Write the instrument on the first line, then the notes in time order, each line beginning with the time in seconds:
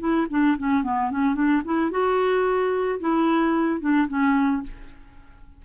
clarinet
0.00 E4
0.30 D4
0.59 C#4
0.84 B3
1.11 C#4
1.35 D4
1.65 E4
1.91 F#4
3.00 E4
3.81 D4
4.08 C#4